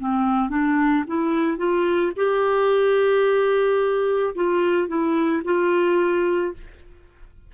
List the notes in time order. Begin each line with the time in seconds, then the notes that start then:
0.00 C4
0.50 D4
1.07 E4
1.58 F4
2.17 G4
4.35 F4
4.88 E4
5.44 F4